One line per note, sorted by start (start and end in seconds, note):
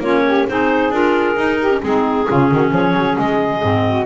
0.00 0.45 A#3
0.00 0.48 C#4
0.00 0.23 F4
0.00 0.48 C#5
0.27 0.49 G4
0.48 0.91 C4
0.48 0.93 D#4
0.48 1.59 G#4
0.48 0.93 C5
0.91 1.36 D4
0.91 1.36 F4
0.91 1.82 A#4
1.36 1.70 D#4
1.36 1.81 D#4
1.59 1.82 G4
1.70 1.82 C#4
1.82 2.28 G#3
1.82 2.27 C4
1.82 2.28 D#4
1.82 2.73 G#4
2.27 2.52 C#3
2.27 3.62 C#4
2.27 2.50 F4
2.51 2.71 D#3
2.51 2.70 F#4
2.70 2.94 F3
2.70 3.83 G#4
2.70 3.18 C#5
2.94 3.16 F#3
3.19 3.63 G#3
3.19 4.06 D#5
3.62 4.06 G#2
3.62 4.06 C4
3.87 4.06 F#4